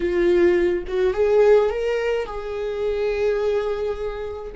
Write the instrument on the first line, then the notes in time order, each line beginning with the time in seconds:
viola
0.00 F4
0.87 F#4
1.13 G#4
1.70 A#4
2.25 G#4